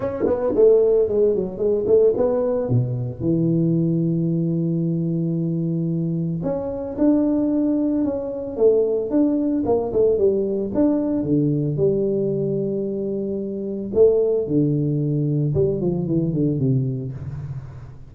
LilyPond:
\new Staff \with { instrumentName = "tuba" } { \time 4/4 \tempo 4 = 112 cis'8 b8 a4 gis8 fis8 gis8 a8 | b4 b,4 e2~ | e1 | cis'4 d'2 cis'4 |
a4 d'4 ais8 a8 g4 | d'4 d4 g2~ | g2 a4 d4~ | d4 g8 f8 e8 d8 c4 | }